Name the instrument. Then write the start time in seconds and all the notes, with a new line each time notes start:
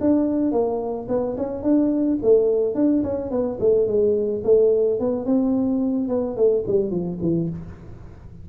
tuba
0.00 D4
0.52 A#3
1.08 B3
1.37 C#4
1.63 D4
2.22 A3
2.75 D4
3.03 C#4
3.31 B3
3.60 A3
3.87 G#3
4.44 A3
4.99 B3
5.25 C4
6.08 B3
6.36 A3
6.67 G3
6.91 F3
7.21 E3